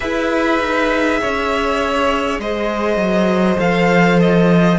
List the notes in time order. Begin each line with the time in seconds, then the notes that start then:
0.00 E4 G#4 B4 E5
0.59 D#4
1.20 C#4 C#5
2.38 G#3 C5 D#5
2.96 F#3
3.57 F3 A4 F5
4.20 D#5